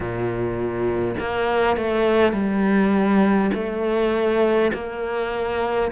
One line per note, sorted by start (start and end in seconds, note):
0.00 1.15 A#2
1.19 1.76 A#3
1.76 2.33 A3
2.33 3.50 G3
3.53 4.71 A3
4.73 5.91 A#3